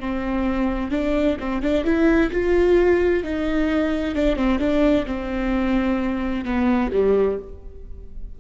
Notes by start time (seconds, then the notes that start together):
0.00 C4
0.91 D4
1.39 C4
1.62 D4
1.84 E4
2.31 F4
3.23 D#4
4.15 D4
4.36 C4
4.59 D4
5.06 C4
6.45 B3
6.92 G3